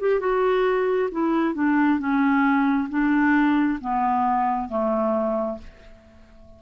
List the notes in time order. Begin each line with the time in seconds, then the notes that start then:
0.00 G4
0.20 F#4
1.12 E4
1.54 D4
1.99 C#4
2.90 D4
3.81 B3
4.69 A3